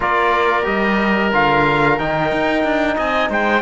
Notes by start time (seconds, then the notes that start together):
0.00 A#3 F4 A#4 D5
0.63 G3 G4 D#5
1.33 D3 F4 F5
1.98 D#3 D#4 G5
2.32 D#4
2.63 D4
2.96 C4 D#5 G#5
3.29 G#3 C5 G5